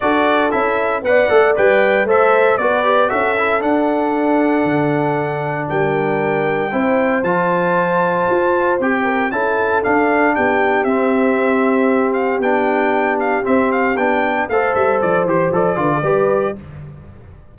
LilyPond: <<
  \new Staff \with { instrumentName = "trumpet" } { \time 4/4 \tempo 4 = 116 d''4 e''4 fis''4 g''4 | e''4 d''4 e''4 fis''4~ | fis''2. g''4~ | g''2 a''2~ |
a''4 g''4 a''4 f''4 | g''4 e''2~ e''8 f''8 | g''4. f''8 e''8 f''8 g''4 | f''8 e''8 d''8 c''8 d''2 | }
  \new Staff \with { instrumentName = "horn" } { \time 4/4 a'2 d''2 | c''4 b'4 a'2~ | a'2. ais'4~ | ais'4 c''2.~ |
c''4. ais'8 a'2 | g'1~ | g'1 | c''2~ c''8 b'16 a'16 b'4 | }
  \new Staff \with { instrumentName = "trombone" } { \time 4/4 fis'4 e'4 b'8 a'8 b'4 | a'4 fis'8 g'8 fis'8 e'8 d'4~ | d'1~ | d'4 e'4 f'2~ |
f'4 g'4 e'4 d'4~ | d'4 c'2. | d'2 c'4 d'4 | a'4. g'8 a'8 f'8 g'4 | }
  \new Staff \with { instrumentName = "tuba" } { \time 4/4 d'4 cis'4 b8 a8 g4 | a4 b4 cis'4 d'4~ | d'4 d2 g4~ | g4 c'4 f2 |
f'4 c'4 cis'4 d'4 | b4 c'2. | b2 c'4 b4 | a8 g8 f8 e8 f8 d8 g4 | }
>>